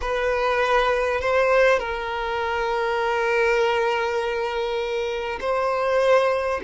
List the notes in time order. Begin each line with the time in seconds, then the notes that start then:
0.01 B4
1.20 C5
1.79 A#4
5.40 C5